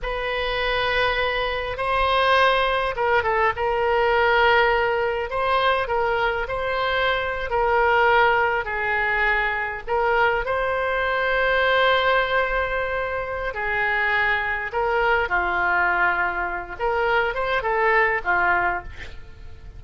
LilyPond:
\new Staff \with { instrumentName = "oboe" } { \time 4/4 \tempo 4 = 102 b'2. c''4~ | c''4 ais'8 a'8 ais'2~ | ais'4 c''4 ais'4 c''4~ | c''8. ais'2 gis'4~ gis'16~ |
gis'8. ais'4 c''2~ c''16~ | c''2. gis'4~ | gis'4 ais'4 f'2~ | f'8 ais'4 c''8 a'4 f'4 | }